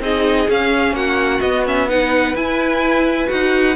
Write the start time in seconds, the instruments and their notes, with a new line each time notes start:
0.00 cello C4, viola D#4, violin G#4 D#5
0.49 viola C#4, cello C#4, violin F5
0.93 cello A#3, violin F#4 F#5
1.40 cello B3, viola B3, violin D#5
1.65 viola C#4, violin E5
1.88 viola D#4, violin B4 F#5
2.35 cello E4, viola E4, violin G#5
3.27 cello D#4, viola F#4, violin F#5